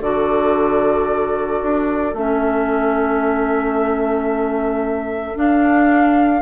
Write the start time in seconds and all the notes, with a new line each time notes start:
0.00 D3 F#4 A4 D5
1.62 D4
2.13 A3 C#4 E5
5.35 D4 F5